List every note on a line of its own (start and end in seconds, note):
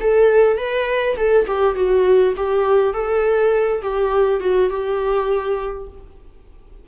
0.00 0.57 A4
0.57 1.16 B4
1.17 1.46 A4
1.47 1.75 G4
1.75 2.34 F#4
2.37 2.93 G4
2.93 3.82 A4
3.82 4.40 G4
4.40 4.70 F#4
4.70 5.87 G4